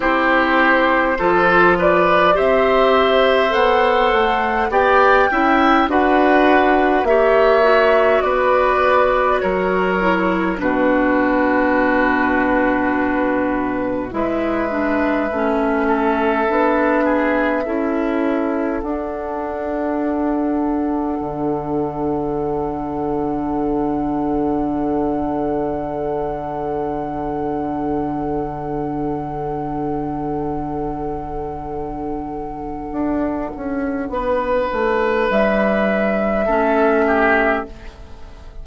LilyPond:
<<
  \new Staff \with { instrumentName = "flute" } { \time 4/4 \tempo 4 = 51 c''4. d''8 e''4 fis''4 | g''4 fis''4 e''4 d''4 | cis''4 b'2. | e''1 |
fis''1~ | fis''1~ | fis''1~ | fis''2 e''2 | }
  \new Staff \with { instrumentName = "oboe" } { \time 4/4 g'4 a'8 b'8 c''2 | d''8 e''8 b'4 cis''4 b'4 | ais'4 fis'2. | b'4. a'4 gis'8 a'4~ |
a'1~ | a'1~ | a'1~ | a'4 b'2 a'8 g'8 | }
  \new Staff \with { instrumentName = "clarinet" } { \time 4/4 e'4 f'4 g'4 a'4 | g'8 e'8 fis'4 g'8 fis'4.~ | fis'8 e'8 d'2. | e'8 d'8 cis'4 d'4 e'4 |
d'1~ | d'1~ | d'1~ | d'2. cis'4 | }
  \new Staff \with { instrumentName = "bassoon" } { \time 4/4 c'4 f4 c'4 b8 a8 | b8 cis'8 d'4 ais4 b4 | fis4 b,2. | gis4 a4 b4 cis'4 |
d'2 d2~ | d1~ | d1 | d'8 cis'8 b8 a8 g4 a4 | }
>>